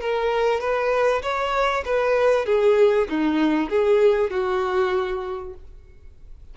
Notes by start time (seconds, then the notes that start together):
0.00 A#4
0.60 B4
1.22 C#5
1.85 B4
2.45 G#4
3.09 D#4
3.69 G#4
4.30 F#4